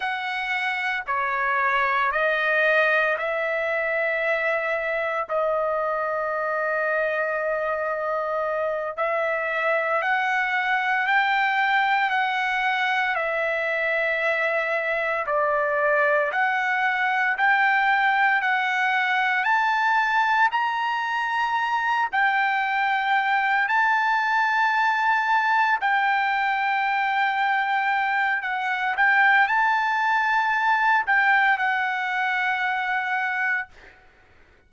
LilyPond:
\new Staff \with { instrumentName = "trumpet" } { \time 4/4 \tempo 4 = 57 fis''4 cis''4 dis''4 e''4~ | e''4 dis''2.~ | dis''8 e''4 fis''4 g''4 fis''8~ | fis''8 e''2 d''4 fis''8~ |
fis''8 g''4 fis''4 a''4 ais''8~ | ais''4 g''4. a''4.~ | a''8 g''2~ g''8 fis''8 g''8 | a''4. g''8 fis''2 | }